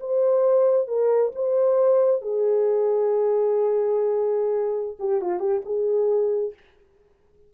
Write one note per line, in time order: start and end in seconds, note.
0.00 0.87 C5
0.87 1.32 A#4
1.35 2.21 C5
2.21 4.97 G#4
4.99 5.21 G4
5.21 5.39 F4
5.39 5.61 G4
5.65 6.54 G#4